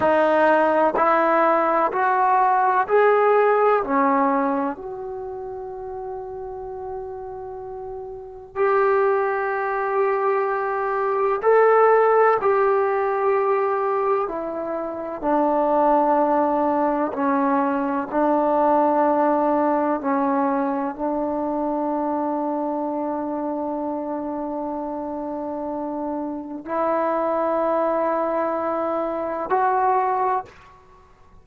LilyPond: \new Staff \with { instrumentName = "trombone" } { \time 4/4 \tempo 4 = 63 dis'4 e'4 fis'4 gis'4 | cis'4 fis'2.~ | fis'4 g'2. | a'4 g'2 e'4 |
d'2 cis'4 d'4~ | d'4 cis'4 d'2~ | d'1 | e'2. fis'4 | }